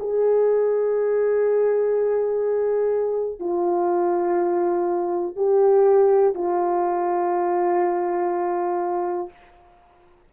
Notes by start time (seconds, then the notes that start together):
0.00 G#4
3.40 F4
5.37 G4
6.35 F4